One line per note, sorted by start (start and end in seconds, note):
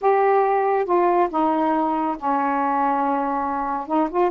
0.01 0.85 G4
0.85 1.28 F4
1.30 2.16 D#4
2.17 3.87 C#4
3.87 4.08 D#4
4.09 4.30 F4